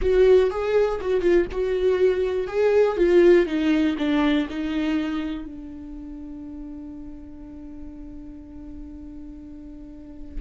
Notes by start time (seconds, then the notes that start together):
0.01 F#4
0.50 G#4
1.01 F#4
1.21 F4
1.51 F#4
2.47 G#4
2.96 F4
3.46 D#4
3.98 D4
4.49 D#4
5.45 D4